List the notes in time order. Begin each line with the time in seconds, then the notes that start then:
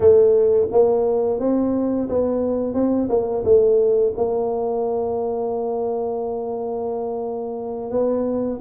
0.00 A3
0.71 A#3
1.39 C4
2.08 B3
2.73 C4
3.09 A#3
3.44 A3
4.16 A#3
7.91 B3